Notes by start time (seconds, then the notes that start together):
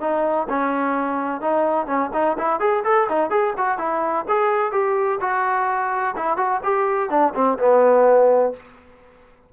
0.00 D#4
0.49 C#4
1.41 D#4
1.87 C#4
2.13 D#4
2.38 E4
2.60 G#4
2.84 A4
3.09 D#4
3.30 G#4
3.57 F#4
3.78 E4
4.28 G#4
4.72 G4
5.21 F#4
6.16 E4
6.37 F#4
6.63 G4
7.10 D4
7.35 C4
7.58 B3